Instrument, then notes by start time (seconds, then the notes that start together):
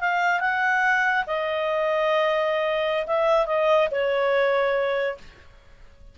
clarinet
0.00 F5
0.40 F#5
1.26 D#5
3.06 E5
3.46 D#5
3.90 C#5